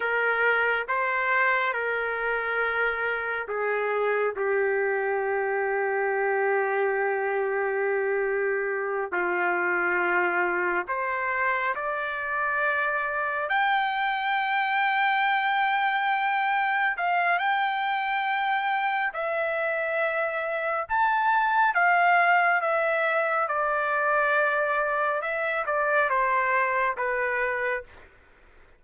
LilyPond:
\new Staff \with { instrumentName = "trumpet" } { \time 4/4 \tempo 4 = 69 ais'4 c''4 ais'2 | gis'4 g'2.~ | g'2~ g'8 f'4.~ | f'8 c''4 d''2 g''8~ |
g''2.~ g''8 f''8 | g''2 e''2 | a''4 f''4 e''4 d''4~ | d''4 e''8 d''8 c''4 b'4 | }